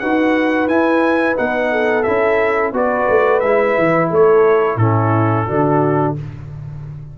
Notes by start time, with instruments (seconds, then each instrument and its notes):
0.00 tuba D#4, trombone F#4, horn B4, trumpet F#5
0.69 tuba E4, trombone E4, trumpet G#5
1.36 tuba B3, trombone D#4, trumpet F#5
1.72 horn A4
2.03 tuba C#4, trombone E4, trumpet E5
2.73 tuba B3, trombone F#4, horn B4, trumpet D5
3.09 tuba A3
3.40 tuba G#3, trombone E4, trumpet E5
3.78 tuba E3
4.11 tuba A3, horn A4, trumpet C#5
4.77 tuba A2, trombone C#4, horn E4, trumpet A4
5.47 tuba D3, trombone D4, horn F#4